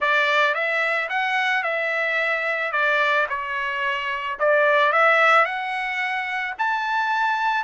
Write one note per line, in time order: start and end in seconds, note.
0.00 0.54 D5
0.54 1.09 E5
1.09 1.63 F#5
1.63 2.72 E5
2.72 3.26 D5
3.29 4.38 C#5
4.39 4.92 D5
4.92 5.45 E5
5.45 6.54 F#5
6.58 7.64 A5